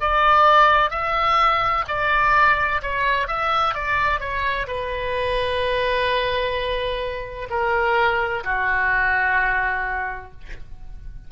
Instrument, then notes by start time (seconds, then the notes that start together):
oboe
0.00 D5
0.90 E5
1.87 D5
2.82 C#5
3.27 E5
3.74 D5
4.20 C#5
4.67 B4
7.50 A#4
8.44 F#4